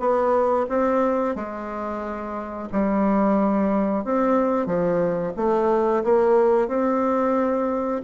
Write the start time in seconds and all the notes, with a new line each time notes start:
0.00 B3
0.69 C4
1.36 G#3
2.73 G3
4.05 C4
4.66 F3
5.37 A3
6.04 A#3
6.68 C4